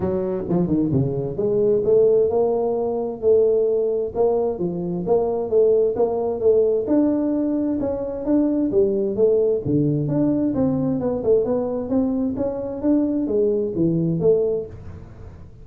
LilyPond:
\new Staff \with { instrumentName = "tuba" } { \time 4/4 \tempo 4 = 131 fis4 f8 dis8 cis4 gis4 | a4 ais2 a4~ | a4 ais4 f4 ais4 | a4 ais4 a4 d'4~ |
d'4 cis'4 d'4 g4 | a4 d4 d'4 c'4 | b8 a8 b4 c'4 cis'4 | d'4 gis4 e4 a4 | }